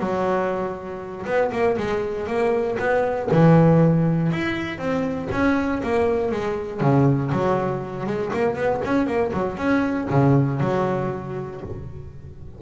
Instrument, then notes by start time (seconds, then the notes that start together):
double bass
0.00 F#3
1.26 B3
1.52 A#3
1.78 G#3
2.27 A#3
2.79 B3
3.32 E3
4.33 E4
4.79 C4
5.32 C#4
5.83 A#3
6.32 G#3
6.81 C#3
7.32 F#3
8.07 G#3
8.34 A#3
8.56 B3
8.85 C#4
9.07 A#3
9.33 F#3
9.58 C#4
10.10 C#3
10.60 F#3